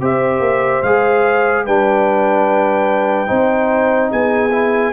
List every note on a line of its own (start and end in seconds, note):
0.00 0.40 C4
0.00 0.82 G4
0.00 1.64 C5
0.00 0.82 E5
0.40 0.81 A#3
0.82 1.64 G#3
0.82 1.67 G#4
0.82 1.65 F5
1.64 3.29 G3
1.64 3.26 D4
1.64 3.27 B4
1.64 4.11 G5
3.26 4.11 C4
3.26 4.49 D#4
3.26 4.09 C5
4.10 4.92 B3
4.10 4.92 G#4
4.10 4.92 G#5
4.51 4.92 E4